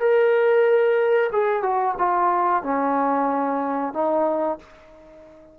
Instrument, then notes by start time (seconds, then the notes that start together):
trombone
0.00 A#4
1.33 G#4
1.63 F#4
1.98 F4
2.63 C#4
3.94 D#4